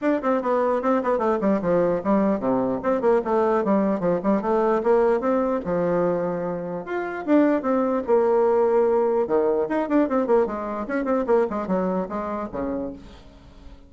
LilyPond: \new Staff \with { instrumentName = "bassoon" } { \time 4/4 \tempo 4 = 149 d'8 c'8 b4 c'8 b8 a8 g8 | f4 g4 c4 c'8 ais8 | a4 g4 f8 g8 a4 | ais4 c'4 f2~ |
f4 f'4 d'4 c'4 | ais2. dis4 | dis'8 d'8 c'8 ais8 gis4 cis'8 c'8 | ais8 gis8 fis4 gis4 cis4 | }